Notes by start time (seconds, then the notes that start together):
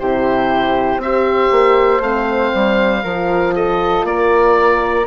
0.00 C3 E4 G4 C5
0.98 C4 G4 C5 E5
1.52 A#3
2.00 A3 C4 F5
2.55 G3
3.03 F3 F4 A#4
3.55 A4 D#5
4.04 A#3 A#4 D5